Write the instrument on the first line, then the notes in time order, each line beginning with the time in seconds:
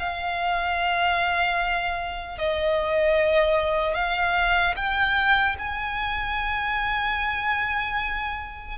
violin
0.00 F5
2.39 D#5
3.95 F5
4.77 G5
5.59 G#5